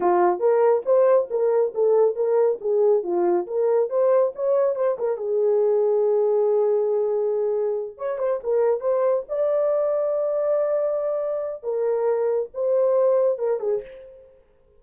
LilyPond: \new Staff \with { instrumentName = "horn" } { \time 4/4 \tempo 4 = 139 f'4 ais'4 c''4 ais'4 | a'4 ais'4 gis'4 f'4 | ais'4 c''4 cis''4 c''8 ais'8 | gis'1~ |
gis'2~ gis'8 cis''8 c''8 ais'8~ | ais'8 c''4 d''2~ d''8~ | d''2. ais'4~ | ais'4 c''2 ais'8 gis'8 | }